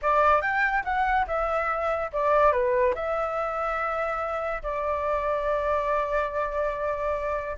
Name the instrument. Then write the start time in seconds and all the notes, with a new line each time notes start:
flute
0.02 D5
0.41 G5
0.84 F#5
1.27 E5
2.13 D5
2.52 B4
2.94 E5
4.62 D5